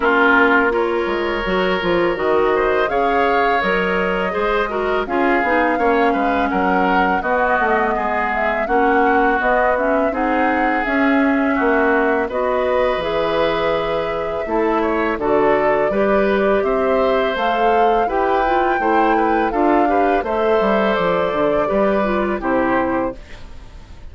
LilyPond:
<<
  \new Staff \with { instrumentName = "flute" } { \time 4/4 \tempo 4 = 83 ais'4 cis''2 dis''4 | f''4 dis''2 f''4~ | f''4 fis''4 dis''4. e''8 | fis''4 dis''8 e''8 fis''4 e''4~ |
e''4 dis''4 e''2~ | e''4 d''2 e''4 | f''4 g''2 f''4 | e''4 d''2 c''4 | }
  \new Staff \with { instrumentName = "oboe" } { \time 4/4 f'4 ais'2~ ais'8 c''8 | cis''2 c''8 ais'8 gis'4 | cis''8 b'8 ais'4 fis'4 gis'4 | fis'2 gis'2 |
fis'4 b'2. | a'8 cis''8 a'4 b'4 c''4~ | c''4 b'4 c''8 b'8 a'8 b'8 | c''2 b'4 g'4 | }
  \new Staff \with { instrumentName = "clarinet" } { \time 4/4 cis'4 f'4 fis'8 f'8 fis'4 | gis'4 ais'4 gis'8 fis'8 f'8 dis'8 | cis'2 b2 | cis'4 b8 cis'8 dis'4 cis'4~ |
cis'4 fis'4 gis'2 | e'4 fis'4 g'2 | a'4 g'8 f'8 e'4 f'8 g'8 | a'2 g'8 f'8 e'4 | }
  \new Staff \with { instrumentName = "bassoon" } { \time 4/4 ais4. gis8 fis8 f8 dis4 | cis4 fis4 gis4 cis'8 b8 | ais8 gis8 fis4 b8 a8 gis4 | ais4 b4 c'4 cis'4 |
ais4 b4 e2 | a4 d4 g4 c'4 | a4 e'4 a4 d'4 | a8 g8 f8 d8 g4 c4 | }
>>